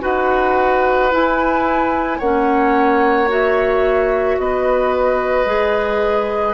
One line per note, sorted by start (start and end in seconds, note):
0.00 1.12 D#4
0.00 1.09 F#4
0.00 2.18 B4
0.00 1.12 F#5
1.11 2.20 E4
1.11 2.19 E4
1.11 2.19 G#5
2.18 4.37 A#3
2.18 3.28 C#4
2.18 4.36 C#5
2.18 3.28 F#5
3.28 5.46 F#4
3.28 4.39 E5
4.37 5.45 B3
4.37 6.54 B4
4.37 6.54 D#5
5.45 6.54 G#3
5.45 6.54 G#4